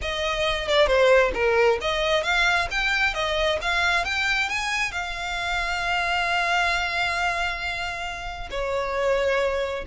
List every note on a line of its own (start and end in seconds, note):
0.01 0.68 D#5
0.68 0.86 D5
0.86 1.31 C5
1.34 1.78 A#4
1.81 2.23 D#5
2.23 2.68 F5
2.70 3.14 G5
3.14 3.58 D#5
3.61 4.04 F5
4.04 4.49 G5
4.49 4.91 G#5
4.91 8.49 F5
8.50 9.84 C#5